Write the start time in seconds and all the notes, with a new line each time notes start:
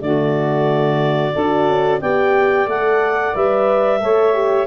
0.00 D3 A3 F#4 D5
1.33 D4 F#4 A4
1.69 C#4
2.01 B3 G4 D5 G5
2.67 A3 A4 F#5
3.35 G3 B4 E5
4.00 A3 A4 C#5
4.34 G4